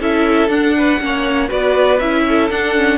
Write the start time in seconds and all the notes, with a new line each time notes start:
0.00 C#4 E4 A4 E5
0.48 D4 F#5
0.76 B4
1.00 A#3 C#4 C#5
1.48 B3 F#4 B4 D5
1.99 C#4 E4 E5
2.28 A4
2.50 D4 F#5
2.75 C#4